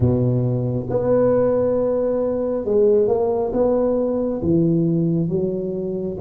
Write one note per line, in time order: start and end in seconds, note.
0.00 0.86 B2
0.89 2.64 B3
2.64 3.07 G#3
3.07 3.51 A#3
3.53 4.41 B3
4.42 5.29 E3
5.29 6.17 F#3